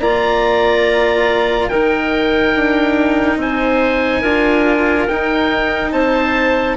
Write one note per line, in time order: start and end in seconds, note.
0.00 1.69 A#3
0.00 1.70 F4
0.00 1.69 D5
0.00 1.68 A#5
1.68 2.53 D#3
1.68 4.24 D#4
1.68 3.38 A#4
1.68 3.37 G5
2.55 3.37 D4
3.37 4.21 C4
3.37 4.21 C5
3.37 5.08 G#5
4.21 5.07 D4
4.21 5.08 F4
4.21 5.90 A#4
5.08 5.92 D#4
5.08 6.77 D#4
5.08 5.92 G5
5.92 6.77 C4
5.92 6.77 C5
5.92 6.77 A5